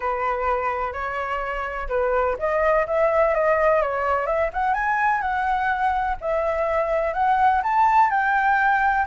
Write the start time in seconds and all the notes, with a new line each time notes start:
0.00 B4
0.92 C#5
1.89 B4
2.38 D#5
2.86 E5
3.34 D#5
3.81 C#5
4.26 E5
4.53 F#5
4.74 G#5
5.21 F#5
6.20 E5
7.13 F#5
7.63 A5
8.10 G5